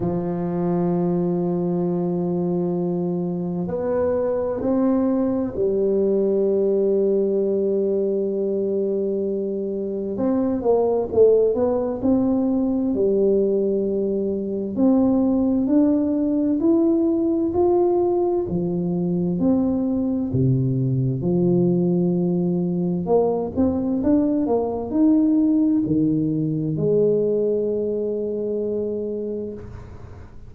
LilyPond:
\new Staff \with { instrumentName = "tuba" } { \time 4/4 \tempo 4 = 65 f1 | b4 c'4 g2~ | g2. c'8 ais8 | a8 b8 c'4 g2 |
c'4 d'4 e'4 f'4 | f4 c'4 c4 f4~ | f4 ais8 c'8 d'8 ais8 dis'4 | dis4 gis2. | }